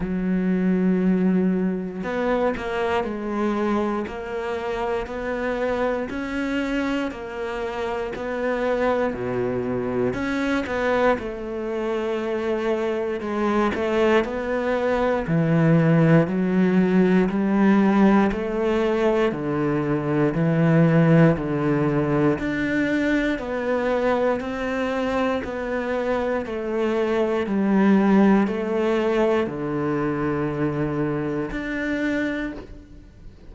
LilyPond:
\new Staff \with { instrumentName = "cello" } { \time 4/4 \tempo 4 = 59 fis2 b8 ais8 gis4 | ais4 b4 cis'4 ais4 | b4 b,4 cis'8 b8 a4~ | a4 gis8 a8 b4 e4 |
fis4 g4 a4 d4 | e4 d4 d'4 b4 | c'4 b4 a4 g4 | a4 d2 d'4 | }